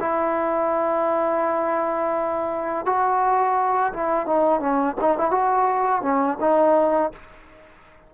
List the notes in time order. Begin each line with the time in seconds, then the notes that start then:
0.00 E4
2.86 F#4
3.94 E4
4.27 D#4
4.60 C#4
5.01 D#4
5.18 E4
5.31 F#4
6.02 C#4
6.41 D#4